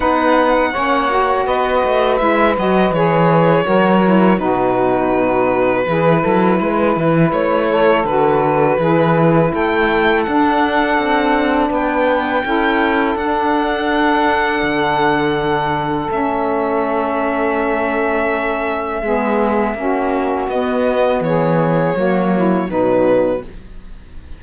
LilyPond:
<<
  \new Staff \with { instrumentName = "violin" } { \time 4/4 \tempo 4 = 82 fis''2 dis''4 e''8 dis''8 | cis''2 b'2~ | b'2 cis''4 b'4~ | b'4 g''4 fis''2 |
g''2 fis''2~ | fis''2 e''2~ | e''1 | dis''4 cis''2 b'4 | }
  \new Staff \with { instrumentName = "saxophone" } { \time 4/4 b'4 cis''4 b'2~ | b'4 ais'4 fis'2 | gis'8 a'8 b'4. a'4. | gis'4 a'2. |
b'4 a'2.~ | a'1~ | a'2 gis'4 fis'4~ | fis'4 gis'4 fis'8 e'8 dis'4 | }
  \new Staff \with { instrumentName = "saxophone" } { \time 4/4 dis'4 cis'8 fis'4. e'8 fis'8 | gis'4 fis'8 e'8 dis'2 | e'2. fis'4 | e'2 d'2~ |
d'4 e'4 d'2~ | d'2 cis'2~ | cis'2 b4 cis'4 | b2 ais4 fis4 | }
  \new Staff \with { instrumentName = "cello" } { \time 4/4 b4 ais4 b8 a8 gis8 fis8 | e4 fis4 b,2 | e8 fis8 gis8 e8 a4 d4 | e4 a4 d'4 c'4 |
b4 cis'4 d'2 | d2 a2~ | a2 gis4 ais4 | b4 e4 fis4 b,4 | }
>>